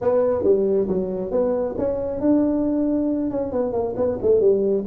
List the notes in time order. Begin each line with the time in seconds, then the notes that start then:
0.01 B3
0.43 G3
0.88 F#3
1.31 B3
1.78 C#4
2.20 D4
3.30 C#4
3.52 B3
3.72 A#3
3.96 B3
4.22 A3
4.40 G3